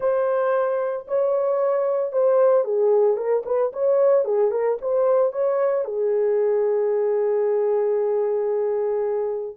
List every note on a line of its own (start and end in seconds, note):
0.00 1.06 C5
1.07 2.12 C#5
2.12 2.64 C5
2.64 3.16 G#4
3.16 3.43 A#4
3.45 3.72 B4
3.72 4.25 C#5
4.25 4.51 G#4
4.51 4.77 A#4
4.81 5.32 C5
5.32 5.84 C#5
5.84 9.56 G#4